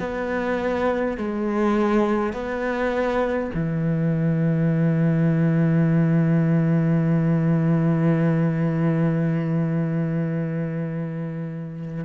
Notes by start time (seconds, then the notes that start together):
0.00 B3
1.18 G#3
2.33 B3
3.54 E3